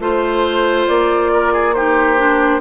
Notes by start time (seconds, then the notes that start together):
0.00 A3 F4 C5
0.88 A#3 D5
1.33 A#4
1.53 G#4
1.74 D#4 G4 C5
2.18 D4